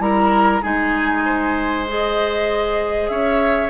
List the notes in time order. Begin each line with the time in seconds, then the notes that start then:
0.00 G3 E4 A#4 A#5
0.62 G#3 D#4 G#4 G#5
1.26 C5
1.88 G#4 D#5
3.09 C#4 C#5 E5